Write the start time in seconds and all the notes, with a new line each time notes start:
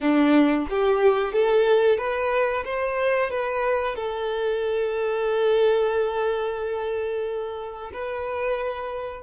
0.01 D4
0.69 G4
1.32 A4
1.98 B4
2.65 C5
3.30 B4
3.95 A4
7.93 B4